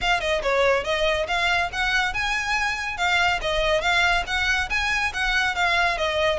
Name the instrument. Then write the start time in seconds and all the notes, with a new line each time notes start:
violin
0.01 F5
0.20 D#5
0.42 C#5
0.84 D#5
1.27 F5
1.72 F#5
2.13 G#5
2.97 F5
3.41 D#5
3.81 F5
4.26 F#5
4.69 G#5
5.13 F#5
5.55 F5
5.97 D#5